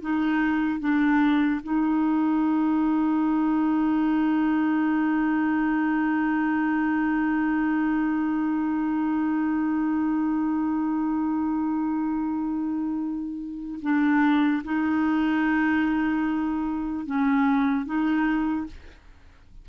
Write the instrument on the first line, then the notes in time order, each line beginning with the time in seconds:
clarinet
0.00 D#4
0.79 D4
1.63 D#4
13.82 D4
14.64 D#4
17.06 C#4
17.85 D#4